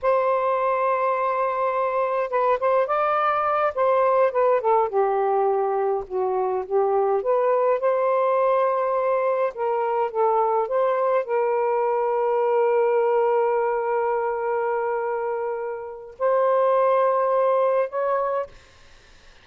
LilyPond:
\new Staff \with { instrumentName = "saxophone" } { \time 4/4 \tempo 4 = 104 c''1 | b'8 c''8 d''4. c''4 b'8 | a'8 g'2 fis'4 g'8~ | g'8 b'4 c''2~ c''8~ |
c''8 ais'4 a'4 c''4 ais'8~ | ais'1~ | ais'1 | c''2. cis''4 | }